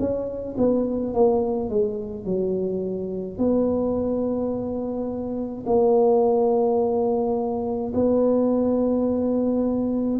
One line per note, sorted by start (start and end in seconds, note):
0.00 0.57 C#4
0.58 1.14 B3
1.14 1.70 A#3
1.70 2.25 G#3
2.25 3.38 F#3
3.38 5.64 B3
5.67 7.93 A#3
7.95 10.20 B3